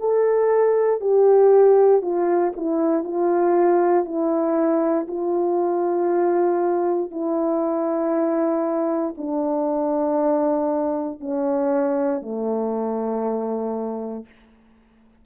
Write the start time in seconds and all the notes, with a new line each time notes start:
0.00 A4
1.01 G4
2.02 F4
2.56 E4
3.04 F4
4.05 E4
5.08 F4
7.11 E4
9.18 D4
11.20 C#4
12.22 A3